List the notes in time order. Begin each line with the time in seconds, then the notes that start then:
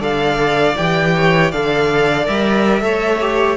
0.00 D3 A4 D5 F5
0.77 E3 G4 G5
1.15 C#5
1.51 D3 A4 D5 F5
2.25 G3 A#4 E5
2.80 A3 A4 C#5
3.20 G4